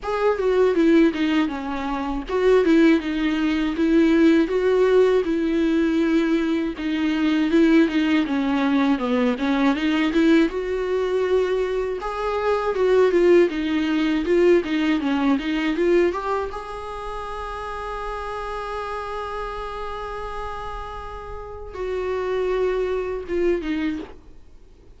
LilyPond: \new Staff \with { instrumentName = "viola" } { \time 4/4 \tempo 4 = 80 gis'8 fis'8 e'8 dis'8 cis'4 fis'8 e'8 | dis'4 e'4 fis'4 e'4~ | e'4 dis'4 e'8 dis'8 cis'4 | b8 cis'8 dis'8 e'8 fis'2 |
gis'4 fis'8 f'8 dis'4 f'8 dis'8 | cis'8 dis'8 f'8 g'8 gis'2~ | gis'1~ | gis'4 fis'2 f'8 dis'8 | }